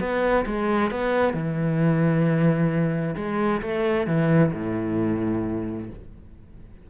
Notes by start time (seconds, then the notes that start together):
0.00 B3
0.46 G#3
0.91 B3
1.34 E3
3.16 G#3
3.62 A3
4.07 E3
4.53 A2